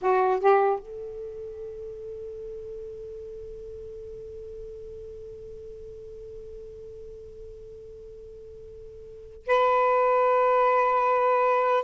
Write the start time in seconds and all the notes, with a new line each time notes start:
0.01 F#4
0.39 G4
0.79 A4
9.46 B4